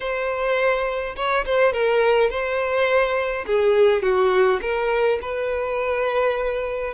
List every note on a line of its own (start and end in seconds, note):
0.00 1.15 C5
1.15 1.44 C#5
1.45 1.73 C5
1.73 2.29 A#4
2.29 3.45 C5
3.46 4.02 G#4
4.02 4.60 F#4
4.61 5.19 A#4
5.21 6.94 B4